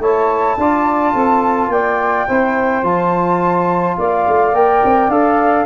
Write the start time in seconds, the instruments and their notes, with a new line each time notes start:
0.00 tuba A3, trombone E4, saxophone C#5, flute A5
0.57 tuba D4, trombone F4, saxophone D5
1.12 tuba C4, saxophone A4
1.69 tuba A#3, saxophone D5, flute G5
2.27 tuba C4, trombone E4, saxophone C5
2.83 tuba F3, trombone F4, flute A5
3.98 tuba A#3, saxophone D5, flute F5
4.28 tuba A3
4.53 tuba A#3, trombone A#4, flute G5
4.84 tuba C4
5.09 tuba D4, trombone A4, flute F5